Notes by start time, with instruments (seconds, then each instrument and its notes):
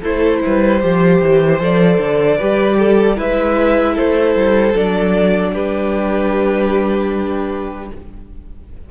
0.00 cello A3, viola E4, violin A4 C5
0.44 cello G3, violin B4
0.81 cello F3, viola G4, violin C5
1.21 cello E3
1.59 cello F3, viola A4, violin D5
1.98 cello D3
2.37 cello G3, viola G4, violin B4
2.78 violin A4
3.15 cello G#3, viola E4, violin B4 E5
3.94 cello A3, violin A4 C5
4.35 cello G3
4.75 cello F#3, viola D4, violin D5
5.52 cello G3, violin G4 B4